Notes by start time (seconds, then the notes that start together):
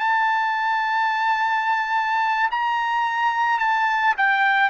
0.00 A5
2.52 A#5
3.60 A5
4.18 G5